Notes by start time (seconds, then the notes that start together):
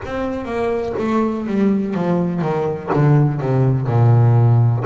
0.05 C4
0.45 A#3
0.98 A3
1.46 G3
1.94 F3
2.41 D#3
2.93 D3
3.40 C3
3.87 A#2